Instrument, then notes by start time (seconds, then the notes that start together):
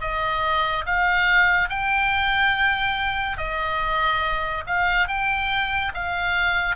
oboe
0.00 D#5
0.85 F5
1.69 G5
3.37 D#5
4.66 F5
5.07 G5
5.94 F5